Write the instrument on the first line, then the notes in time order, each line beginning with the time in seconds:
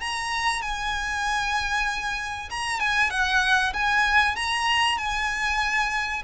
violin
0.00 A#5
0.61 G#5
2.50 A#5
2.80 G#5
3.10 F#5
3.73 G#5
4.35 A#5
4.97 G#5